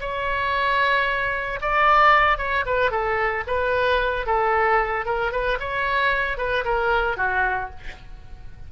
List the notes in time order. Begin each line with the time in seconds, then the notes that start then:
0.00 C#5
1.61 D5
2.38 C#5
2.65 B4
2.91 A4
3.47 B4
4.26 A4
5.05 A#4
5.32 B4
5.60 C#5
6.37 B4
6.65 A#4
7.17 F#4